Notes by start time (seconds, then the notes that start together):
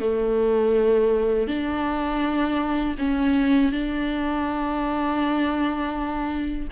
0.00 A3
1.47 D4
2.98 C#4
3.72 D4